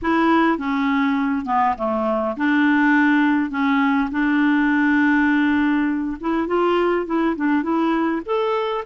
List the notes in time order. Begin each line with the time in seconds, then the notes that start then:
0.02 E4
0.57 C#4
1.45 B3
1.77 A3
2.36 D4
3.50 C#4
4.11 D4
6.20 E4
6.47 F4
7.06 E4
7.36 D4
7.63 E4
8.25 A4